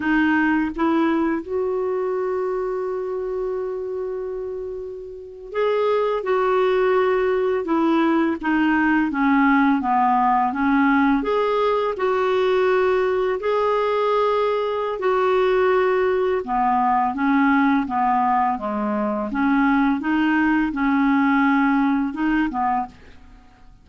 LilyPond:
\new Staff \with { instrumentName = "clarinet" } { \time 4/4 \tempo 4 = 84 dis'4 e'4 fis'2~ | fis'2.~ fis'8. gis'16~ | gis'8. fis'2 e'4 dis'16~ | dis'8. cis'4 b4 cis'4 gis'16~ |
gis'8. fis'2 gis'4~ gis'16~ | gis'4 fis'2 b4 | cis'4 b4 gis4 cis'4 | dis'4 cis'2 dis'8 b8 | }